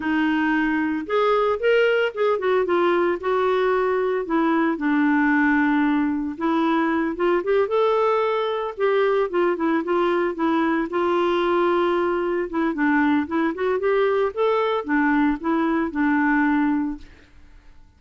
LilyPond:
\new Staff \with { instrumentName = "clarinet" } { \time 4/4 \tempo 4 = 113 dis'2 gis'4 ais'4 | gis'8 fis'8 f'4 fis'2 | e'4 d'2. | e'4. f'8 g'8 a'4.~ |
a'8 g'4 f'8 e'8 f'4 e'8~ | e'8 f'2. e'8 | d'4 e'8 fis'8 g'4 a'4 | d'4 e'4 d'2 | }